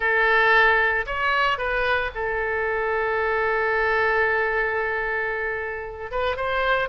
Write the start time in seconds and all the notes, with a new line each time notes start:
0.00 A4
1.06 C#5
1.57 B4
2.14 A4
6.11 B4
6.36 C5